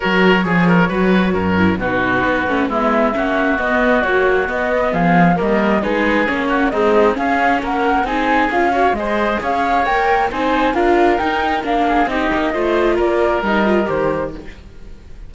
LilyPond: <<
  \new Staff \with { instrumentName = "flute" } { \time 4/4 \tempo 4 = 134 cis''1 | b'2 e''2 | dis''4 cis''4 dis''4 f''4 | dis''4 b'4 cis''4 dis''4 |
f''4 fis''4 gis''4 f''4 | dis''4 f''4 g''4 gis''4 | f''4 g''4 f''4 dis''4~ | dis''4 d''4 dis''4 c''4 | }
  \new Staff \with { instrumentName = "oboe" } { \time 4/4 ais'4 gis'8 ais'8 b'4 ais'4 | fis'2 e'4 fis'4~ | fis'2. gis'4 | ais'4 gis'4. fis'8 dis'4 |
gis'4 ais'4 gis'4. cis''8 | c''4 cis''2 c''4 | ais'2~ ais'8 gis'8 g'4 | c''4 ais'2. | }
  \new Staff \with { instrumentName = "viola" } { \time 4/4 fis'4 gis'4 fis'4. e'8 | dis'4. cis'8 b4 cis'4 | b4 fis4 b2 | ais4 dis'4 cis'4 gis4 |
cis'2 dis'4 f'8 fis'8 | gis'2 ais'4 dis'4 | f'4 dis'4 d'4 dis'4 | f'2 dis'8 f'8 g'4 | }
  \new Staff \with { instrumentName = "cello" } { \time 4/4 fis4 f4 fis4 fis,4 | b,4 b8 a8 gis4 ais4 | b4 ais4 b4 f4 | g4 gis4 ais4 c'4 |
cis'4 ais4 c'4 cis'4 | gis4 cis'4 ais4 c'4 | d'4 dis'4 ais4 c'8 ais8 | a4 ais4 g4 dis4 | }
>>